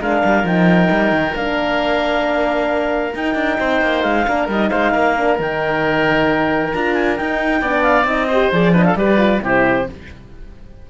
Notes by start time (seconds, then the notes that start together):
0.00 G#3 D4 A#4 F5
0.24 G3
0.44 F3 D#4 G5
0.90 G3
1.11 D#3
1.35 A#3 D4 F5
3.14 D#4 G5
3.35 D4
3.59 C4 C5
3.81 A#3
4.02 G#3 F5
4.27 A#3 D4 A#4
4.48 G3 D#4 D#5
4.69 G#3 C5 F5
4.91 A#3 A#4
5.17 D4
5.37 D#3 D#4 G5
6.74 D4 F4 A#5
6.93 G#5
7.16 D#4 G5
7.61 B3 D4 D5
7.82 F5
8.04 C4 D#4 D#5
8.27 G4 C5
8.52 F3 G#4 D5
8.73 D4 B4 D#5
8.84 A4 F5
8.94 G3 G4 B4 D5
9.17 F4
9.41 C3 E4 G4 C5